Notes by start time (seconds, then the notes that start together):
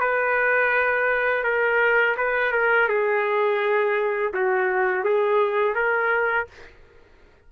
0.00 B4
1.44 A#4
2.17 B4
2.52 A#4
2.88 G#4
4.34 F#4
5.04 G#4
5.75 A#4